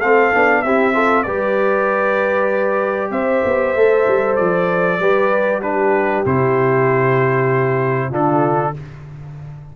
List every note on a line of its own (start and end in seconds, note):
0.00 0.32 A3
0.00 0.33 C4
0.00 0.62 A4
0.00 0.62 F5
0.33 0.63 B3
0.33 0.65 D4
0.62 1.26 C4
0.62 0.93 E4
0.62 0.93 G4
0.62 1.23 E5
0.93 1.25 F4
0.93 1.25 A4
1.23 3.10 G3
1.23 3.76 G4
1.23 3.11 B4
1.23 3.10 D5
3.10 3.42 C4
3.10 4.99 C5
3.10 4.36 E5
3.44 3.75 B3
3.75 4.06 A3
3.75 5.01 A4
4.07 4.38 G3
4.36 4.98 F3
4.36 5.61 D5
4.98 6.23 G3
4.98 5.62 G4
4.98 5.62 B4
5.61 6.24 D4
5.61 8.09 G4
5.61 6.24 B4
6.25 8.11 C3
6.25 8.11 E4
6.25 8.13 C5
8.09 8.73 D3
8.09 8.73 D4
8.09 8.72 F4
8.09 8.76 A4